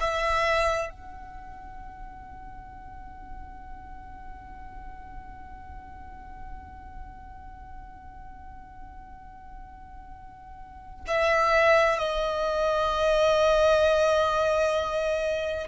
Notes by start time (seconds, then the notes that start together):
0.00 E5
0.90 F#5
11.08 E5
11.98 D#5